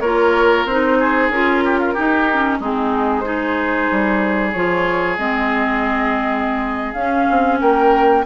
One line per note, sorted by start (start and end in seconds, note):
0.00 0.65 A#3
0.00 0.68 F4
0.00 0.98 A#4
0.00 0.65 C#5
0.65 1.29 C4
0.65 1.33 D#4
0.65 1.30 C5
0.99 1.64 G#4
1.29 1.94 C#4
1.29 1.96 F4
1.29 2.60 A#4
1.65 1.79 G4
1.79 1.93 F4
1.93 2.28 D#4
1.93 2.60 D#4
1.93 2.58 G4
2.33 2.61 C#4
2.60 3.89 G#3
2.60 3.23 C4
2.60 3.24 D#4
2.60 3.20 G#4
3.20 4.52 D#4
3.20 7.60 G#4
3.20 4.49 C5
3.90 4.54 G3
4.52 5.18 F3
4.52 5.18 F4
4.52 5.17 C#5
5.18 6.93 G#3
5.18 6.96 C4
5.18 6.93 D#5
6.93 7.26 C#4
6.93 8.25 C#4
6.93 7.57 F5
7.30 7.61 C4
7.60 8.25 A#3
7.60 8.25 A#4
7.60 8.25 G5